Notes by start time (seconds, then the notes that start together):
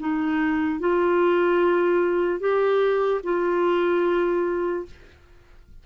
0.00 D#4
0.80 F4
2.40 G4
3.24 F4